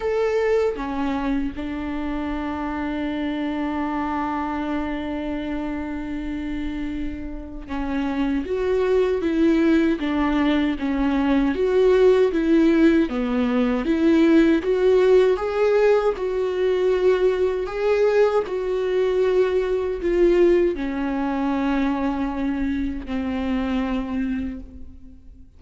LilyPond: \new Staff \with { instrumentName = "viola" } { \time 4/4 \tempo 4 = 78 a'4 cis'4 d'2~ | d'1~ | d'2 cis'4 fis'4 | e'4 d'4 cis'4 fis'4 |
e'4 b4 e'4 fis'4 | gis'4 fis'2 gis'4 | fis'2 f'4 cis'4~ | cis'2 c'2 | }